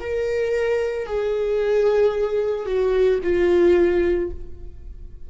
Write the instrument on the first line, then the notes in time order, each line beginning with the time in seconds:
viola
0.00 A#4
1.07 G#4
2.66 F#4
3.23 F4